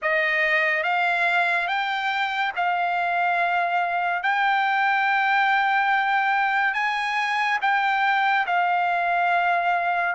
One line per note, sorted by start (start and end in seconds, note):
0.02 0.83 D#5
0.83 1.67 F5
1.67 2.52 G5
2.56 4.23 F5
4.23 6.74 G5
6.74 7.58 G#5
7.61 8.45 G5
8.46 10.14 F5